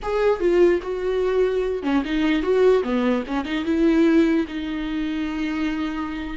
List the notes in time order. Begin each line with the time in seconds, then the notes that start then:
0.02 G#4
0.39 F4
0.82 F#4
1.82 C#4
2.04 D#4
2.42 F#4
2.83 B3
3.27 C#4
3.45 D#4
3.64 E4
4.47 D#4